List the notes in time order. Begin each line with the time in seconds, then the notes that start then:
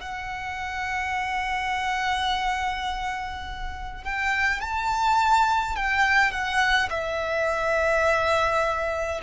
0.00 F#5
4.03 G5
4.60 A5
5.76 G5
6.30 F#5
6.90 E5